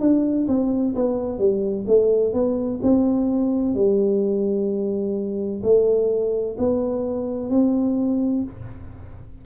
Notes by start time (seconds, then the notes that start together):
0.00 D4
0.48 C4
0.95 B3
1.38 G3
1.87 A3
2.34 B3
2.83 C4
3.75 G3
5.63 A3
6.58 B3
7.50 C4